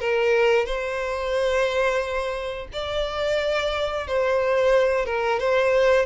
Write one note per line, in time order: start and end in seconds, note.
0.00 0.66 A#4
0.66 2.68 C5
2.73 4.07 D5
4.07 5.06 C5
5.06 5.40 A#4
5.40 6.06 C5